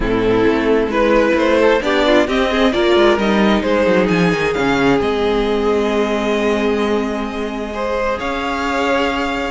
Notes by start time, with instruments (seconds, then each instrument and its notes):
0.00 cello A2, viola C4, violin E4 A4
0.47 cello A3
0.87 cello G#3, viola E4, violin B4
1.34 cello A3, violin C5
1.58 violin A4
1.82 cello B3, viola D4, violin G4 D5
2.06 violin F4
2.26 cello C4, viola C4, violin G4 D#5
2.49 violin G#4
2.72 cello A#3, viola F4, violin A#4 D5
2.95 cello G#3
3.17 cello G3, viola D#4, violin D#5
3.61 cello G#3, violin G#4 C5
3.86 cello F#3
4.08 cello F3, violin G#5
4.32 cello D#3
4.53 cello C#3, viola C#4, violin F5
4.98 cello G#3, viola C4, violin D#5
7.73 viola G#4, violin C5
8.18 cello C#4, violin C#5 F5